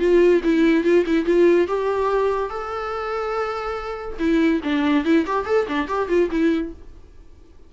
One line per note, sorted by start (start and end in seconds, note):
0.00 0.42 F4
0.44 0.84 E4
0.84 1.05 F4
1.06 1.26 E4
1.26 1.68 F4
1.68 2.50 G4
2.50 4.18 A4
4.19 4.61 E4
4.64 5.05 D4
5.05 5.26 E4
5.27 5.46 G4
5.46 5.67 A4
5.68 5.88 D4
5.88 6.09 G4
6.09 6.30 F4
6.31 6.73 E4